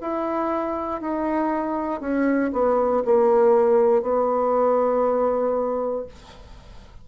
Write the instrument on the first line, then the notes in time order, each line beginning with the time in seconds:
bassoon
0.00 E4
1.01 D#4
2.00 C#4
2.52 B3
3.05 A#3
4.02 B3